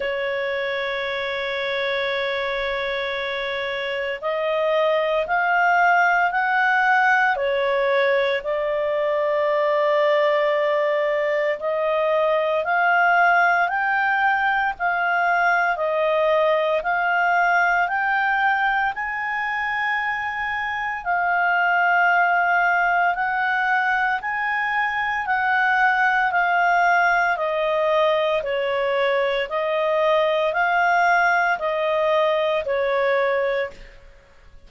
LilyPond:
\new Staff \with { instrumentName = "clarinet" } { \time 4/4 \tempo 4 = 57 cis''1 | dis''4 f''4 fis''4 cis''4 | d''2. dis''4 | f''4 g''4 f''4 dis''4 |
f''4 g''4 gis''2 | f''2 fis''4 gis''4 | fis''4 f''4 dis''4 cis''4 | dis''4 f''4 dis''4 cis''4 | }